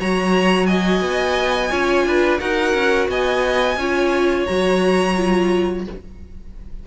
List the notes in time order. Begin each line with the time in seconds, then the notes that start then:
0.00 F#3 F#4 C#5 A#5
0.66 D#5 G#5
1.01 B3
1.70 C#4 F4 C#5
2.05 D4 B4
2.39 D#4 F#4 A#4 F#5
2.74 C#4
3.08 B3 D#5 G#5
3.76 C#4 F4 C#5
4.46 F#3 F#4 A#5
5.17 F4